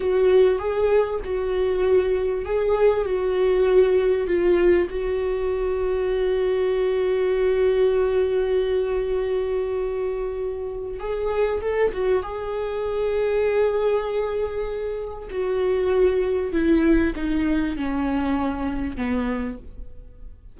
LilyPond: \new Staff \with { instrumentName = "viola" } { \time 4/4 \tempo 4 = 98 fis'4 gis'4 fis'2 | gis'4 fis'2 f'4 | fis'1~ | fis'1~ |
fis'2 gis'4 a'8 fis'8 | gis'1~ | gis'4 fis'2 e'4 | dis'4 cis'2 b4 | }